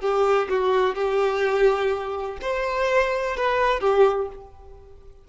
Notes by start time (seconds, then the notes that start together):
0.00 G4
0.48 F#4
0.95 G4
2.41 C5
3.36 B4
3.80 G4